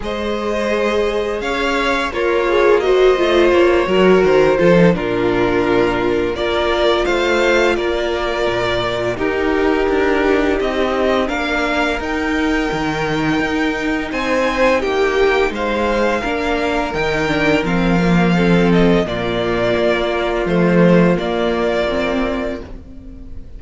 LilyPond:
<<
  \new Staff \with { instrumentName = "violin" } { \time 4/4 \tempo 4 = 85 dis''2 f''4 cis''4 | dis''4 cis''4 c''4 ais'4~ | ais'4 d''4 f''4 d''4~ | d''4 ais'2 dis''4 |
f''4 g''2. | gis''4 g''4 f''2 | g''4 f''4. dis''8 d''4~ | d''4 c''4 d''2 | }
  \new Staff \with { instrumentName = "violin" } { \time 4/4 c''2 cis''4 f'4 | c''4. ais'4 a'8 f'4~ | f'4 ais'4 c''4 ais'4~ | ais'4 g'2. |
ais'1 | c''4 g'4 c''4 ais'4~ | ais'2 a'4 f'4~ | f'1 | }
  \new Staff \with { instrumentName = "viola" } { \time 4/4 gis'2. ais'8 gis'8 | fis'8 f'4 fis'4 f'16 dis'16 d'4~ | d'4 f'2.~ | f'4 dis'2. |
d'4 dis'2.~ | dis'2. d'4 | dis'8 d'8 c'8 ais8 c'4 ais4~ | ais4 a4 ais4 c'4 | }
  \new Staff \with { instrumentName = "cello" } { \time 4/4 gis2 cis'4 ais4~ | ais8 a8 ais8 fis8 dis8 f8 ais,4~ | ais,4 ais4 a4 ais4 | ais,4 dis'4 d'4 c'4 |
ais4 dis'4 dis4 dis'4 | c'4 ais4 gis4 ais4 | dis4 f2 ais,4 | ais4 f4 ais2 | }
>>